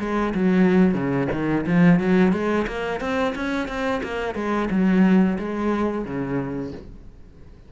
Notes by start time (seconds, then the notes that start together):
0.00 G#3
0.35 F#3
0.94 C#3
1.32 D#3
1.67 F3
2.00 F#3
2.33 G#3
2.68 A#3
3.01 C4
3.36 C#4
3.68 C4
4.04 A#3
4.35 G#3
4.71 F#3
5.39 G#3
6.05 C#3